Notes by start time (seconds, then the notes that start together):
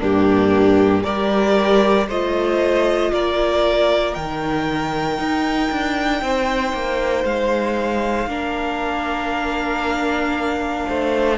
0.00 G2 A#3 D4 G4
1.04 G3 G4 A#4 D5
2.08 A3 F4 C5 D#5
3.13 A#3 A#4 D5
4.15 D#3 D#4 G5
5.19 D#4
5.72 D4
6.22 C4 C5
6.73 A#3
7.25 G#3 F5
8.27 A#3 D4 A#4
10.88 A3 C5